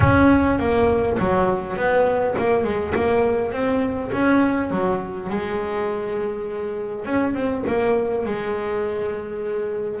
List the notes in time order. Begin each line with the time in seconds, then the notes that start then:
0.00 C#4
0.59 A#3
1.19 F#3
1.76 B3
2.38 A#3
2.64 G#3
2.94 A#3
3.51 C4
4.12 C#4
4.71 F#3
5.29 G#3
7.05 C#4
7.34 C4
7.66 A#3
8.25 G#3